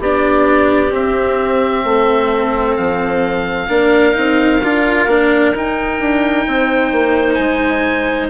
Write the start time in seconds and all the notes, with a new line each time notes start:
0.00 B3 D4 G4 D5
0.91 C4 E5
1.84 A3 A4
2.77 F3 F5
3.69 A#3 D4 A#4
4.13 C4 D#4
4.63 D4 F4
5.07 A#3 D4
5.54 D#4 G5
6.00 D4
6.47 C4 C5
6.92 A#3
7.35 G#3 G#5